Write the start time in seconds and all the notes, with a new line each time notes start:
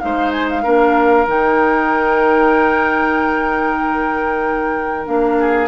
0.00 G#3 D#4 C5 F5
0.32 G#5
0.49 F5
0.63 A#3 D4 A#4
1.27 D#3 D#4 G5
5.06 A#3 D4 F5
5.40 G#4